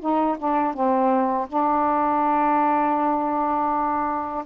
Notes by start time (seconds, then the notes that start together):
0.00 D#4
0.39 D4
0.74 C4
1.48 D4